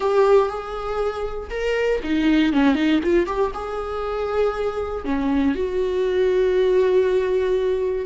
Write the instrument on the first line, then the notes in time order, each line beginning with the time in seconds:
viola
0.00 G4
0.48 G#4
1.50 A#4
2.03 D#4
2.52 C#4
2.75 D#4
3.03 F4
3.26 G4
3.54 G#4
5.04 C#4
5.54 F#4